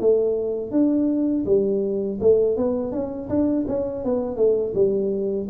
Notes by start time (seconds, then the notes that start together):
0.00 A3
0.72 D4
1.46 G3
2.21 A3
2.57 B3
2.92 C#4
3.29 D4
3.68 C#4
4.05 B3
4.37 A3
4.75 G3